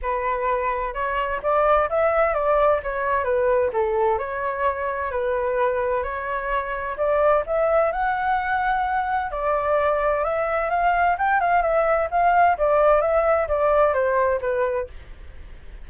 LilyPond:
\new Staff \with { instrumentName = "flute" } { \time 4/4 \tempo 4 = 129 b'2 cis''4 d''4 | e''4 d''4 cis''4 b'4 | a'4 cis''2 b'4~ | b'4 cis''2 d''4 |
e''4 fis''2. | d''2 e''4 f''4 | g''8 f''8 e''4 f''4 d''4 | e''4 d''4 c''4 b'4 | }